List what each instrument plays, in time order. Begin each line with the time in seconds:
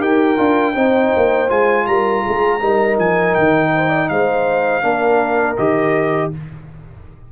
0.00 tuba D#4, trombone G4, horn A#4, trumpet G5
0.37 tuba D4, trombone F4
0.75 tuba C4, trombone D#4, horn C5
1.16 tuba A#3
1.49 tuba G#3, trombone F4, trumpet G#5
1.87 tuba G3, horn A#4, trumpet A#5
2.23 tuba G#3, horn G#4
2.60 tuba G3, trombone D#4, horn A#4
2.98 tuba F3, trumpet G#5
3.35 tuba D#3, trumpet G5
3.75 horn C5
3.89 horn D5
4.09 tuba G#3, horn C5, trumpet F5
4.82 tuba A#3, trombone D4, horn A#4
5.57 tuba D#3, trombone G4, trumpet D#5